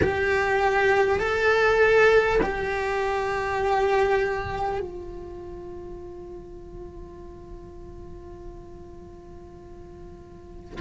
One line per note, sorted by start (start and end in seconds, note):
0.02 1.19 G4
1.19 2.39 A4
2.42 4.80 G4
4.80 10.80 F4